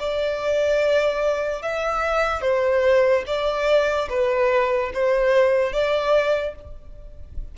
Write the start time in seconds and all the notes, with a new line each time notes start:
0.00 D5
1.63 E5
2.42 C5
3.27 D5
4.10 B4
4.94 C5
5.73 D5